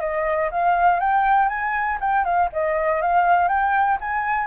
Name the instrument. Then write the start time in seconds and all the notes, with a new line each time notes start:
flute
0.00 D#5
0.51 F5
1.00 G5
1.49 G#5
2.01 G5
2.24 F5
2.52 D#5
3.01 F5
3.48 G5
4.00 G#5